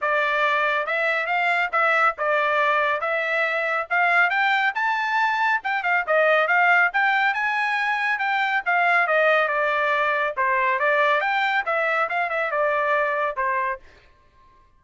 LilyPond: \new Staff \with { instrumentName = "trumpet" } { \time 4/4 \tempo 4 = 139 d''2 e''4 f''4 | e''4 d''2 e''4~ | e''4 f''4 g''4 a''4~ | a''4 g''8 f''8 dis''4 f''4 |
g''4 gis''2 g''4 | f''4 dis''4 d''2 | c''4 d''4 g''4 e''4 | f''8 e''8 d''2 c''4 | }